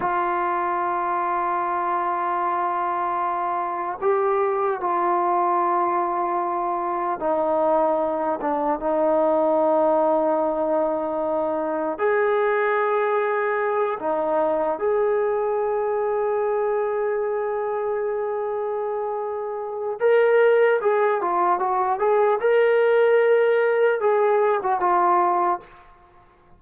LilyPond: \new Staff \with { instrumentName = "trombone" } { \time 4/4 \tempo 4 = 75 f'1~ | f'4 g'4 f'2~ | f'4 dis'4. d'8 dis'4~ | dis'2. gis'4~ |
gis'4. dis'4 gis'4.~ | gis'1~ | gis'4 ais'4 gis'8 f'8 fis'8 gis'8 | ais'2 gis'8. fis'16 f'4 | }